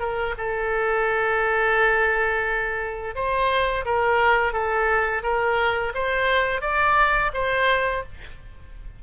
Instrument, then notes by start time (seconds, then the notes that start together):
oboe
0.00 A#4
0.38 A4
3.15 C5
3.86 A#4
4.53 A4
5.23 A#4
5.95 C5
6.62 D5
7.34 C5